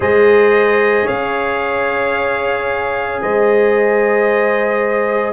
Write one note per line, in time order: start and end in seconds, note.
0.00 1.05 G#3
0.00 5.33 G#4
0.00 1.04 C5
0.00 1.07 D#5
1.04 3.22 C#4
1.04 3.19 C#5
1.04 3.21 F5
3.21 5.33 G#3
3.21 5.33 C5
3.21 5.33 D#5